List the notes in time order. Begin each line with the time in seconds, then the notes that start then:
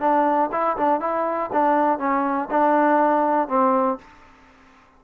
0.00 D4
0.52 E4
0.77 D4
1.00 E4
1.53 D4
1.99 C#4
2.51 D4
3.48 C4